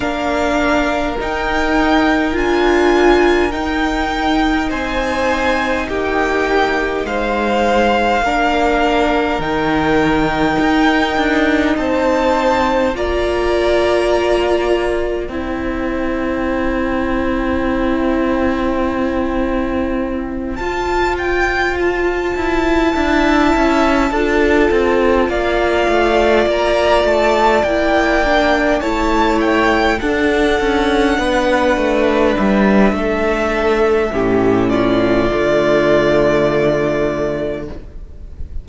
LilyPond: <<
  \new Staff \with { instrumentName = "violin" } { \time 4/4 \tempo 4 = 51 f''4 g''4 gis''4 g''4 | gis''4 g''4 f''2 | g''2 a''4 ais''4~ | ais''4 g''2.~ |
g''4. a''8 g''8 a''4.~ | a''4. f''4 ais''8 a''8 g''8~ | g''8 a''8 g''8 fis''2 e''8~ | e''4. d''2~ d''8 | }
  \new Staff \with { instrumentName = "violin" } { \time 4/4 ais'1 | c''4 g'4 c''4 ais'4~ | ais'2 c''4 d''4~ | d''4 c''2.~ |
c''2.~ c''8 e''8~ | e''8 a'4 d''2~ d''8~ | d''8 cis''4 a'4 b'4. | a'4 g'8 f'2~ f'8 | }
  \new Staff \with { instrumentName = "viola" } { \time 4/4 d'4 dis'4 f'4 dis'4~ | dis'2. d'4 | dis'2. f'4~ | f'4 e'2.~ |
e'4. f'2 e'8~ | e'8 f'2. e'8 | d'8 e'4 d'2~ d'8~ | d'4 cis'4 a2 | }
  \new Staff \with { instrumentName = "cello" } { \time 4/4 ais4 dis'4 d'4 dis'4 | c'4 ais4 gis4 ais4 | dis4 dis'8 d'8 c'4 ais4~ | ais4 c'2.~ |
c'4. f'4. e'8 d'8 | cis'8 d'8 c'8 ais8 a8 ais8 a8 ais8~ | ais8 a4 d'8 cis'8 b8 a8 g8 | a4 a,4 d2 | }
>>